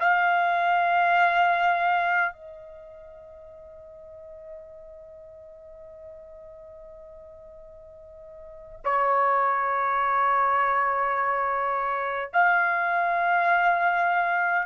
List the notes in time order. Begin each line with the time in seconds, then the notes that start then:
0.00 F5
2.33 D#5
8.84 C#5
12.33 F5